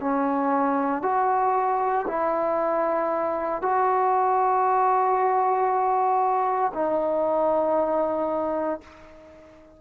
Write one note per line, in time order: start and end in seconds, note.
0.00 1.02 C#4
1.02 2.05 F#4
2.07 3.62 E4
3.62 6.72 F#4
6.73 8.80 D#4